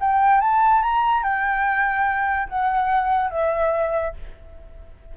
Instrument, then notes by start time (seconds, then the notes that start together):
flute
0.00 G5
0.41 A5
0.82 A#5
1.23 G5
2.48 F#5
3.30 E5